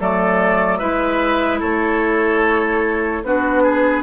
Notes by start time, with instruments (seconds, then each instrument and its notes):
0.00 bassoon F#3, clarinet A3, oboe A4, flute D5
0.78 bassoon G#3, clarinet E4, oboe B4, flute E5
1.60 bassoon A3, oboe A4, flute C#5
3.24 bassoon B3, clarinet D4, oboe F#4, flute B4
3.63 oboe G#4